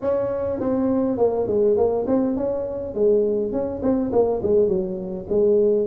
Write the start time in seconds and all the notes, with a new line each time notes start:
0.01 C#4
0.60 C4
1.17 A#3
1.47 G#3
1.76 A#3
2.06 C4
2.36 C#4
2.94 G#3
3.52 C#4
3.82 C4
4.12 A#3
4.43 G#3
4.67 F#3
5.29 G#3